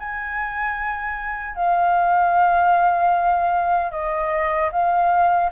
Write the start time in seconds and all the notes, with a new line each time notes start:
0.00 G#5
1.56 F5
3.92 D#5
4.72 F5